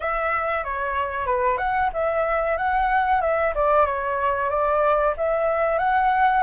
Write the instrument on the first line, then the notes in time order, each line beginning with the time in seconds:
flute
0.00 E5
0.64 C#5
1.26 B4
1.57 F#5
1.93 E5
2.57 F#5
3.21 E5
3.54 D5
3.86 C#5
4.49 D5
5.17 E5
5.78 F#5